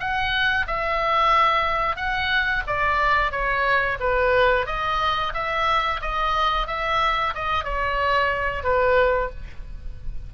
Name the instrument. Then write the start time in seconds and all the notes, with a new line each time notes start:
oboe
0.00 F#5
0.68 E5
1.97 F#5
2.67 D5
3.32 C#5
4.00 B4
4.67 D#5
5.34 E5
6.02 D#5
6.68 E5
7.35 D#5
7.65 C#5
8.64 B4